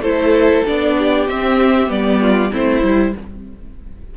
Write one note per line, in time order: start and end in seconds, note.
0.00 0.62 A3
0.00 0.66 E4
0.00 0.96 A4
0.00 0.65 C5
0.66 1.28 B3
0.66 1.29 D4
0.66 1.28 D5
0.98 2.22 G4
1.28 1.89 C4
1.28 1.87 C4
1.28 1.91 E5
1.87 2.52 G3
1.87 2.49 B3
1.87 2.53 D5
2.22 2.51 F4
2.51 2.83 A3
2.51 2.82 C4
2.51 3.14 E4
2.51 3.17 C5
2.82 3.14 G3
2.82 3.13 E4